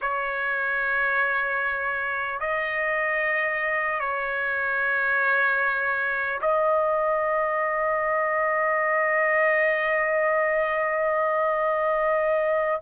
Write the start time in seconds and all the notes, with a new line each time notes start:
0.01 C#5
2.40 D#5
4.00 C#5
6.41 D#5